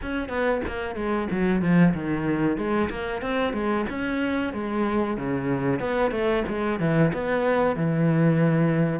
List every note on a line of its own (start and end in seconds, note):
0.01 0.28 C#4
0.28 0.61 B3
0.67 0.95 A#3
0.95 1.27 G#3
1.31 1.61 F#3
1.61 1.93 F3
1.94 2.57 D#3
2.57 2.89 G#3
2.90 3.21 A#3
3.21 3.53 C4
3.53 3.85 G#3
3.89 4.53 C#4
4.53 5.17 G#3
5.17 5.79 C#3
5.79 6.11 B3
6.11 6.43 A3
6.48 6.79 G#3
6.79 7.11 E3
7.13 7.75 B3
7.75 8.99 E3